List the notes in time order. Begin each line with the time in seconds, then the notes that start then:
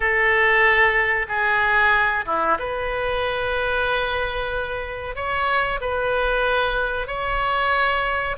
0.00 A4
1.28 G#4
2.25 E4
2.58 B4
5.15 C#5
5.80 B4
7.07 C#5